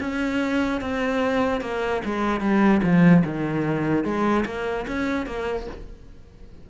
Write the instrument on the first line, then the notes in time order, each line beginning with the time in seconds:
cello
0.00 C#4
0.81 C4
1.61 A#3
2.06 G#3
2.41 G3
2.83 F3
3.25 D#3
4.04 G#3
4.46 A#3
4.88 C#4
5.26 A#3